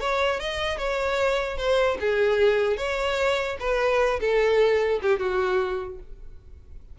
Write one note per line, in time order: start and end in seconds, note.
0.00 0.40 C#5
0.40 0.78 D#5
0.78 1.57 C#5
1.57 1.97 C5
2.00 2.77 G#4
2.77 3.57 C#5
3.60 4.20 B4
4.20 5.00 A4
5.02 5.19 G4
5.19 5.99 F#4